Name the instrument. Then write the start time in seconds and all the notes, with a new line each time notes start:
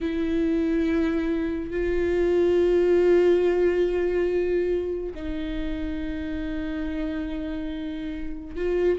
viola
0.00 E4
1.70 F4
5.14 D#4
8.56 F4